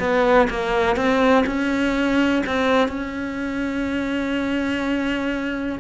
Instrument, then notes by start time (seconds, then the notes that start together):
cello
0.00 B3
0.50 A#3
0.97 C4
1.46 C#4
2.47 C4
2.89 C#4